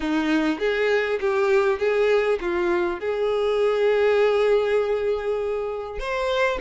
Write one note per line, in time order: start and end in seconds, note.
0.00 0.59 D#4
0.59 1.19 G#4
1.20 1.78 G4
1.78 2.38 G#4
2.41 2.99 F4
2.99 5.99 G#4
5.99 6.59 C5